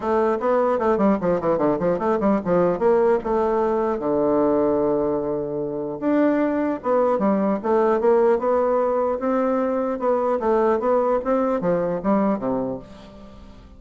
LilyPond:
\new Staff \with { instrumentName = "bassoon" } { \time 4/4 \tempo 4 = 150 a4 b4 a8 g8 f8 e8 | d8 f8 a8 g8 f4 ais4 | a2 d2~ | d2. d'4~ |
d'4 b4 g4 a4 | ais4 b2 c'4~ | c'4 b4 a4 b4 | c'4 f4 g4 c4 | }